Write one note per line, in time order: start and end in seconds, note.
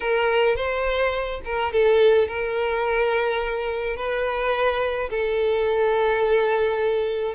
0.00 0.55 A#4
0.55 1.40 C5
1.44 1.72 A#4
1.72 2.28 A4
2.28 3.96 A#4
3.96 5.09 B4
5.10 7.34 A4